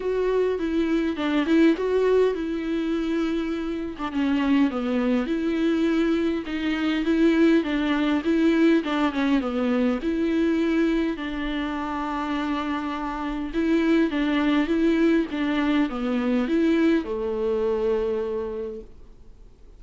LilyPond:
\new Staff \with { instrumentName = "viola" } { \time 4/4 \tempo 4 = 102 fis'4 e'4 d'8 e'8 fis'4 | e'2~ e'8. d'16 cis'4 | b4 e'2 dis'4 | e'4 d'4 e'4 d'8 cis'8 |
b4 e'2 d'4~ | d'2. e'4 | d'4 e'4 d'4 b4 | e'4 a2. | }